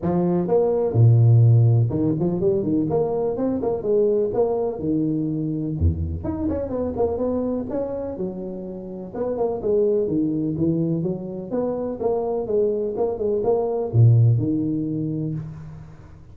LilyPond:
\new Staff \with { instrumentName = "tuba" } { \time 4/4 \tempo 4 = 125 f4 ais4 ais,2 | dis8 f8 g8 dis8 ais4 c'8 ais8 | gis4 ais4 dis2 | e,4 dis'8 cis'8 b8 ais8 b4 |
cis'4 fis2 b8 ais8 | gis4 dis4 e4 fis4 | b4 ais4 gis4 ais8 gis8 | ais4 ais,4 dis2 | }